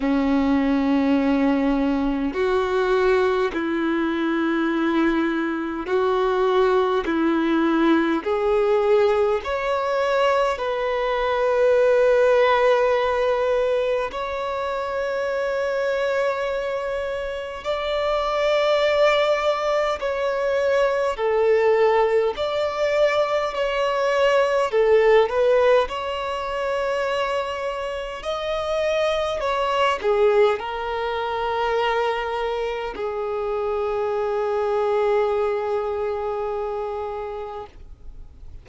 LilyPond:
\new Staff \with { instrumentName = "violin" } { \time 4/4 \tempo 4 = 51 cis'2 fis'4 e'4~ | e'4 fis'4 e'4 gis'4 | cis''4 b'2. | cis''2. d''4~ |
d''4 cis''4 a'4 d''4 | cis''4 a'8 b'8 cis''2 | dis''4 cis''8 gis'8 ais'2 | gis'1 | }